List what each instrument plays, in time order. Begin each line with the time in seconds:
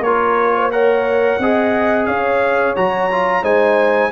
0.00 tuba A#3, trombone F4, horn A#4, trumpet C#5
0.55 horn C5
0.72 trombone A#4, horn C#5, trumpet F#5
1.39 tuba C4, trombone G#4, horn D#5
2.06 tuba C#4, horn C#5, trumpet F5
2.76 tuba F#3, trombone F#4, trumpet A#5
3.12 trombone F4
3.43 tuba G#3, trombone D#4, horn C5, trumpet G#5